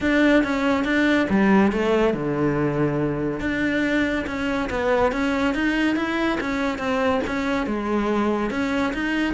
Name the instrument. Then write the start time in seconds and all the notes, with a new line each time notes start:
cello
0.01 D4
0.43 C#4
0.84 D4
1.29 G3
1.72 A3
2.13 D3
3.39 D4
4.26 C#4
4.70 B3
5.12 C#4
5.54 D#4
5.96 E4
6.40 C#4
6.78 C4
7.26 C#4
7.66 G#3
8.50 C#4
8.93 D#4